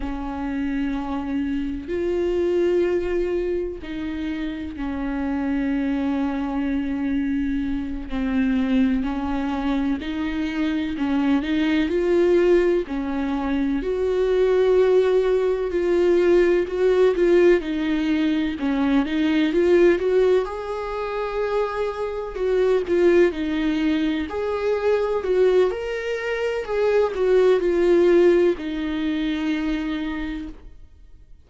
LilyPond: \new Staff \with { instrumentName = "viola" } { \time 4/4 \tempo 4 = 63 cis'2 f'2 | dis'4 cis'2.~ | cis'8 c'4 cis'4 dis'4 cis'8 | dis'8 f'4 cis'4 fis'4.~ |
fis'8 f'4 fis'8 f'8 dis'4 cis'8 | dis'8 f'8 fis'8 gis'2 fis'8 | f'8 dis'4 gis'4 fis'8 ais'4 | gis'8 fis'8 f'4 dis'2 | }